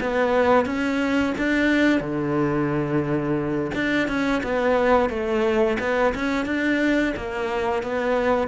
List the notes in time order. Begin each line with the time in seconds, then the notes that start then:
0.00 B3
0.65 C#4
1.38 D4
2.00 D3
3.75 D4
4.08 C#4
4.43 B3
5.09 A3
5.79 B3
6.15 C#4
6.45 D4
7.16 A#3
7.83 B3